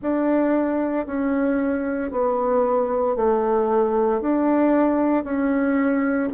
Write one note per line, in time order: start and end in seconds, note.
0.02 1.06 D4
1.06 2.11 C#4
2.11 3.16 B3
3.16 4.21 A3
4.21 5.23 D4
5.23 6.29 C#4